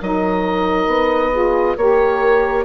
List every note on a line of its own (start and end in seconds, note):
0.00 0.87 F#3
0.00 1.32 D#4
0.00 1.32 A#4
0.00 1.77 D#5
0.87 1.75 B3
1.32 1.76 F4
1.32 1.76 G#4
1.76 2.65 A#3
1.76 2.65 G4
1.76 2.65 A#4
1.76 2.65 C#5